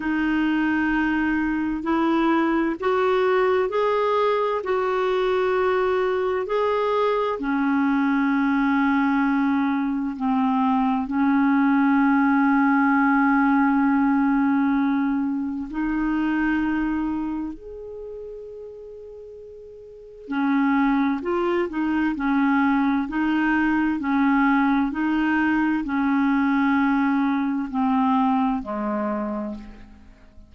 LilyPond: \new Staff \with { instrumentName = "clarinet" } { \time 4/4 \tempo 4 = 65 dis'2 e'4 fis'4 | gis'4 fis'2 gis'4 | cis'2. c'4 | cis'1~ |
cis'4 dis'2 gis'4~ | gis'2 cis'4 f'8 dis'8 | cis'4 dis'4 cis'4 dis'4 | cis'2 c'4 gis4 | }